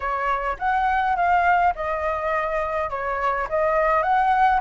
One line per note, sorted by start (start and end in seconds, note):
0.00 0.56 C#5
0.58 1.15 F#5
1.15 1.73 F5
1.75 2.90 D#5
2.90 3.47 C#5
3.49 4.02 D#5
4.02 4.60 F#5